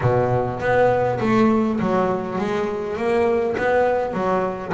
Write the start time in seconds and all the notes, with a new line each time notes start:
0.01 B2
0.59 B3
1.20 A3
1.80 F#3
2.38 G#3
2.96 A#3
3.57 B3
4.13 F#3